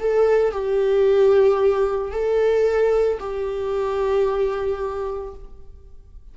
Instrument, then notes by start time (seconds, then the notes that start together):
viola
0.00 A4
0.52 G4
2.12 A4
3.20 G4